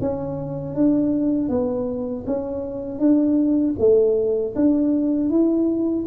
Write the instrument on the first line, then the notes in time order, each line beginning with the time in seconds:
tuba
0.00 C#4
0.75 D4
1.49 B3
2.26 C#4
2.99 D4
3.78 A3
4.55 D4
5.29 E4